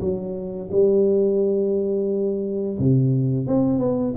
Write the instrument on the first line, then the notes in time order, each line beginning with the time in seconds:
tuba
0.00 F#3
0.71 G3
2.79 C3
3.47 C4
3.79 B3